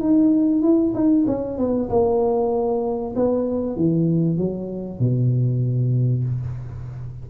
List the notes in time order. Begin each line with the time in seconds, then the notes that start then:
0.00 D#4
0.62 E4
0.95 D#4
1.27 C#4
1.58 B3
1.90 A#3
3.16 B3
3.76 E3
4.38 F#3
4.99 B2